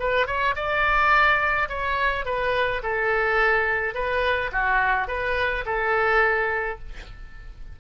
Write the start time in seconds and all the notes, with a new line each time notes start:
0.00 B4
0.27 C#5
0.56 D5
1.69 C#5
2.25 B4
2.83 A4
3.94 B4
4.52 F#4
5.08 B4
5.66 A4